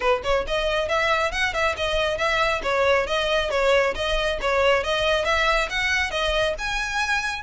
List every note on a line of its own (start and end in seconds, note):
0.00 0.21 B4
0.23 0.45 C#5
0.47 0.88 D#5
0.88 1.31 E5
1.31 1.53 F#5
1.53 1.75 E5
1.76 2.17 D#5
2.17 2.61 E5
2.62 3.06 C#5
3.06 3.50 D#5
3.50 3.94 C#5
3.95 4.38 D#5
4.41 4.83 C#5
4.83 5.25 D#5
5.25 5.68 E5
5.69 6.10 F#5
6.10 6.54 D#5
6.58 7.42 G#5